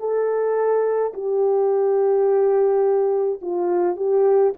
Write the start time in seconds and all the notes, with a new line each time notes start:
0.00 A4
1.14 G4
3.42 F4
3.97 G4